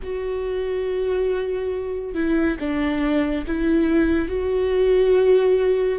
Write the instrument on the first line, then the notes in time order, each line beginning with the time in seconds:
viola
0.03 F#4
2.14 E4
2.59 D4
3.46 E4
4.28 F#4